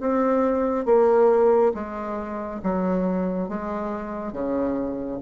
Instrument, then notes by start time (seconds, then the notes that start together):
bassoon
0.00 C4
0.85 A#3
1.74 G#3
2.63 F#3
3.48 G#3
4.32 C#3